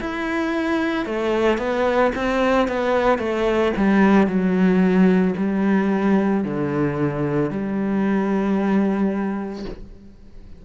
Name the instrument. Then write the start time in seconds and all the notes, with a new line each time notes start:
cello
0.00 E4
1.06 A3
1.58 B3
2.15 C4
2.68 B3
3.19 A3
3.76 G3
4.27 F#3
5.37 G3
6.44 D3
7.50 G3